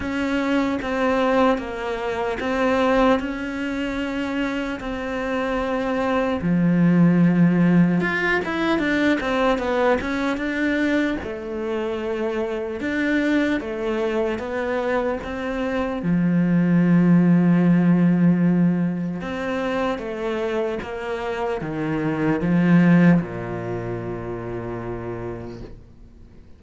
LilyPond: \new Staff \with { instrumentName = "cello" } { \time 4/4 \tempo 4 = 75 cis'4 c'4 ais4 c'4 | cis'2 c'2 | f2 f'8 e'8 d'8 c'8 | b8 cis'8 d'4 a2 |
d'4 a4 b4 c'4 | f1 | c'4 a4 ais4 dis4 | f4 ais,2. | }